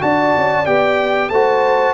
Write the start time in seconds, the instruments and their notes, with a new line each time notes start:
0.00 tuba D4, trombone F#4, horn D5, trumpet A5
0.37 tuba C#4
0.65 tuba B3, trombone G4, trumpet G5
1.29 tuba A3, trombone F#4, horn C5, trumpet A5